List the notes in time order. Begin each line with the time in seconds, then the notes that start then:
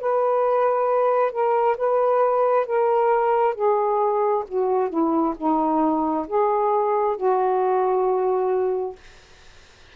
0.00 B4
1.31 A#4
1.77 B4
2.66 A#4
3.54 G#4
4.48 F#4
4.89 E4
5.36 D#4
6.27 G#4
7.16 F#4